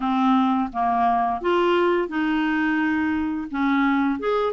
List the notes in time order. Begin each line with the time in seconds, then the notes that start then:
0.00 C4
0.72 A#3
1.41 F4
2.08 D#4
3.50 C#4
4.19 G#4